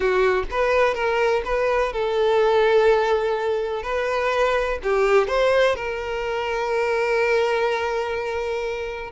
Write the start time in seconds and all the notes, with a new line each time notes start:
0.00 F#4
0.50 B4
0.94 A#4
1.44 B4
1.92 A4
3.82 B4
4.83 G4
5.27 C5
5.75 A#4